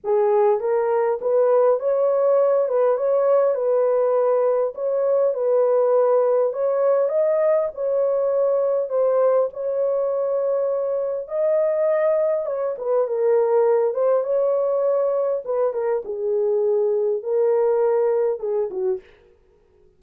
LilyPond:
\new Staff \with { instrumentName = "horn" } { \time 4/4 \tempo 4 = 101 gis'4 ais'4 b'4 cis''4~ | cis''8 b'8 cis''4 b'2 | cis''4 b'2 cis''4 | dis''4 cis''2 c''4 |
cis''2. dis''4~ | dis''4 cis''8 b'8 ais'4. c''8 | cis''2 b'8 ais'8 gis'4~ | gis'4 ais'2 gis'8 fis'8 | }